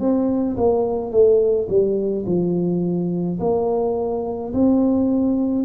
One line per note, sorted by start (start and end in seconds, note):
0.00 0.57 C4
0.57 1.12 A#3
1.12 1.68 A3
1.69 2.26 G3
2.26 3.40 F3
3.40 4.53 A#3
4.53 5.66 C4